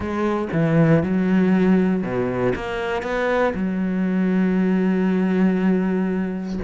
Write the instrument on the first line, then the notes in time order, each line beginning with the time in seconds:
cello
0.00 G#3
0.52 E3
1.03 F#3
2.02 B2
2.55 A#3
3.02 B3
3.54 F#3